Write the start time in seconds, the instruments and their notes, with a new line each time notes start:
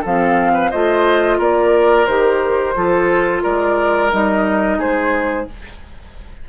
0.00 bassoon F3, clarinet C4, oboe A4, flute F5
0.53 oboe B4
0.70 bassoon A3, clarinet F4, oboe C5, flute D#5
1.37 bassoon A#3, oboe A#4, flute D5
2.06 bassoon D#3, clarinet G4, flute C5
2.75 bassoon F3, clarinet F4, oboe A4
3.43 bassoon G#3, oboe A#4, flute D5
4.11 bassoon G3, clarinet D#4, flute D#5
4.78 bassoon G#3, oboe G#4, flute C5